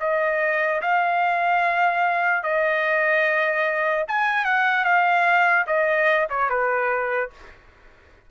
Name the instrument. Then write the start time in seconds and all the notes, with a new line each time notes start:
trumpet
0.00 D#5
0.82 F5
2.43 D#5
4.08 G#5
4.45 F#5
4.84 F5
5.67 D#5
6.29 C#5
6.49 B4